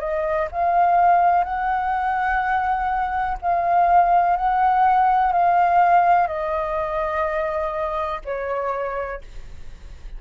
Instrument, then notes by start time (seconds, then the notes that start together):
flute
0.00 D#5
0.51 F5
1.44 F#5
3.42 F5
4.36 F#5
5.33 F5
6.27 D#5
8.25 C#5